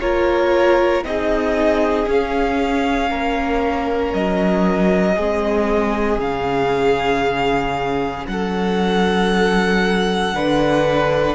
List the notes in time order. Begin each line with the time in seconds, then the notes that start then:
0.00 A#3 F4 A#4 C#5
1.03 C4 D#4 G#4 D#5
2.05 C#4 F5
3.09 A#3 A#4
4.13 F#3 D#5
5.16 G#3 C4 G#4
6.18 C#3 C#4 F5
8.27 F#3 A4 F#5
10.33 D3 D4 B4